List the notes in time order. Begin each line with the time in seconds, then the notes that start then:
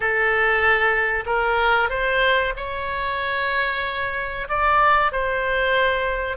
0.00 A4
1.26 A#4
1.89 C5
2.56 C#5
4.49 D5
5.12 C5